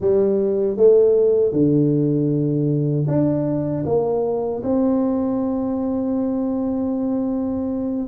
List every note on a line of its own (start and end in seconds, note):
0.00 0.76 G3
0.76 1.52 A3
1.52 3.06 D3
3.07 3.84 D4
3.85 4.62 A#3
4.63 8.08 C4